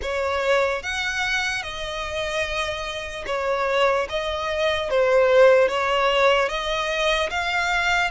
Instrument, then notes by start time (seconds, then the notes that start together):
violin
0.01 C#5
0.83 F#5
1.62 D#5
3.26 C#5
4.09 D#5
4.89 C5
5.68 C#5
6.48 D#5
7.30 F5